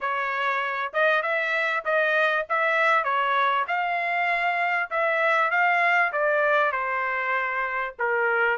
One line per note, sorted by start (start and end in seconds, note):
0.00 0.92 C#5
0.93 1.22 D#5
1.22 1.83 E5
1.85 2.46 D#5
2.49 3.04 E5
3.04 3.65 C#5
3.67 4.90 F5
4.90 5.50 E5
5.50 6.11 F5
6.12 6.72 D5
6.72 7.94 C5
7.98 8.57 A#4